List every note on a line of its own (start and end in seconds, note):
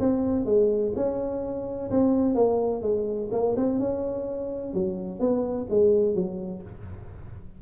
0.00 0.46 C4
0.46 0.93 G#3
0.96 1.90 C#4
1.91 2.35 C4
2.35 2.83 A#3
2.83 3.30 G#3
3.32 3.56 A#3
3.57 3.80 C4
3.80 4.74 C#4
4.74 5.20 F#3
5.20 5.67 B3
5.70 6.15 G#3
6.15 6.62 F#3